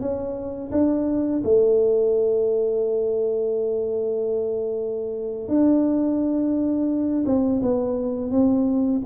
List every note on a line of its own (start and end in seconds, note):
0.00 0.71 C#4
0.72 1.42 D4
1.44 5.48 A3
5.48 7.24 D4
7.26 7.61 C4
7.62 8.31 B3
8.31 9.01 C4